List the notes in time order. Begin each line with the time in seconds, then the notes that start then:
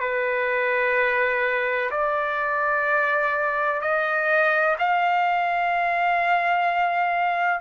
0.00 B4
1.91 D5
3.81 D#5
4.79 F5